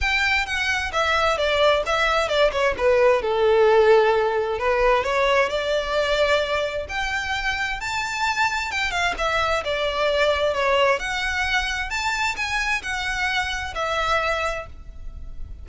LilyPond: \new Staff \with { instrumentName = "violin" } { \time 4/4 \tempo 4 = 131 g''4 fis''4 e''4 d''4 | e''4 d''8 cis''8 b'4 a'4~ | a'2 b'4 cis''4 | d''2. g''4~ |
g''4 a''2 g''8 f''8 | e''4 d''2 cis''4 | fis''2 a''4 gis''4 | fis''2 e''2 | }